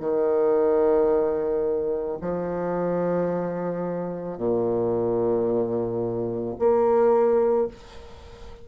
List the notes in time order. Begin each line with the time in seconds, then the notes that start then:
0.00 D#3
2.21 F3
4.37 A#2
6.59 A#3